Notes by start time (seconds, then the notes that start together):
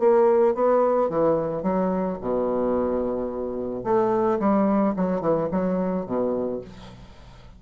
0.00 A#3
0.55 B3
1.10 E3
1.63 F#3
2.21 B2
3.84 A3
4.40 G3
4.96 F#3
5.21 E3
5.52 F#3
6.06 B2